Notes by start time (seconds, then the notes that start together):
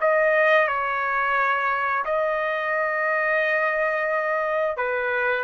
0.00 D#5
0.68 C#5
2.05 D#5
4.77 B4